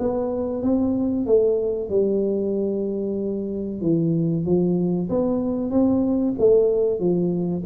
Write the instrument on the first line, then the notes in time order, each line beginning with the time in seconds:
tuba
0.00 B3
0.63 C4
1.27 A3
1.90 G3
3.82 E3
4.46 F3
5.10 B3
5.71 C4
6.39 A3
7.00 F3